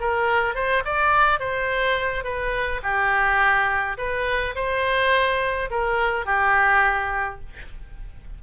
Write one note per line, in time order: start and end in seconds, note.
0.00 0.55 A#4
0.55 0.83 C5
0.85 1.40 D5
1.40 2.24 C5
2.24 2.81 B4
2.83 3.97 G4
3.98 4.55 B4
4.55 5.70 C5
5.70 6.26 A#4
6.26 7.40 G4